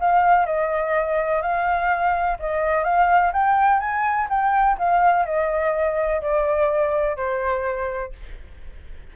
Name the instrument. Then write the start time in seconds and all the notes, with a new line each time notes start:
flute
0.00 F5
0.46 D#5
1.42 F5
2.40 D#5
2.84 F5
3.33 G5
3.80 G#5
4.30 G5
4.79 F5
5.26 D#5
6.22 D5
7.17 C5